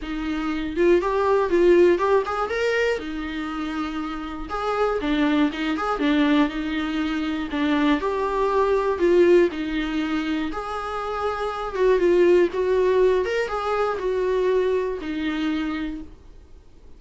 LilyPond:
\new Staff \with { instrumentName = "viola" } { \time 4/4 \tempo 4 = 120 dis'4. f'8 g'4 f'4 | g'8 gis'8 ais'4 dis'2~ | dis'4 gis'4 d'4 dis'8 gis'8 | d'4 dis'2 d'4 |
g'2 f'4 dis'4~ | dis'4 gis'2~ gis'8 fis'8 | f'4 fis'4. ais'8 gis'4 | fis'2 dis'2 | }